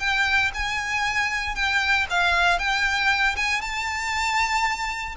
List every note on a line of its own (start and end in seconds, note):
0.00 0.51 G5
0.54 1.55 G#5
1.55 2.07 G5
2.10 2.59 F5
2.59 3.36 G5
3.37 3.62 G#5
3.62 5.16 A5